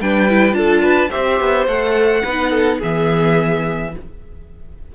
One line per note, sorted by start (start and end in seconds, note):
0.00 0.53 G3
0.00 0.29 D4
0.00 0.57 B4
0.00 0.54 G5
0.29 0.52 E4
0.52 1.09 D4
0.52 1.08 F4
0.52 0.83 A4
0.52 1.10 A5
0.83 1.10 B4
1.10 1.40 C4
1.10 1.67 G4
1.10 2.22 C5
1.10 1.67 E5
1.40 1.67 B3
1.67 2.23 A3
1.67 2.25 A4
1.67 2.80 F#5
2.24 2.82 B3
2.24 2.82 D#4
2.24 2.50 B4
2.50 2.78 A4
2.79 3.95 E3
2.79 3.94 B3
2.79 3.91 G#4
2.79 3.95 E5